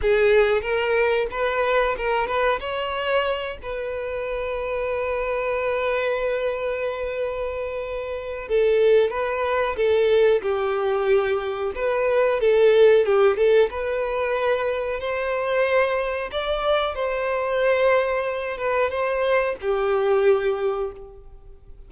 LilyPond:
\new Staff \with { instrumentName = "violin" } { \time 4/4 \tempo 4 = 92 gis'4 ais'4 b'4 ais'8 b'8 | cis''4. b'2~ b'8~ | b'1~ | b'4 a'4 b'4 a'4 |
g'2 b'4 a'4 | g'8 a'8 b'2 c''4~ | c''4 d''4 c''2~ | c''8 b'8 c''4 g'2 | }